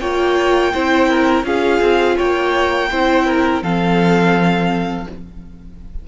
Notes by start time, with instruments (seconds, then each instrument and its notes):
0.00 cello A#3, viola F4, violin C#5 G5
0.74 cello C4, viola E4, violin C5
1.09 violin A#4
1.44 cello C#4, viola F4, violin G#4 F5
1.81 cello C4
2.17 cello A#3, violin C#5 G5
2.90 cello C4, viola E4, violin C5
3.27 violin A#4
3.62 cello F3, viola C4, violin A4 F5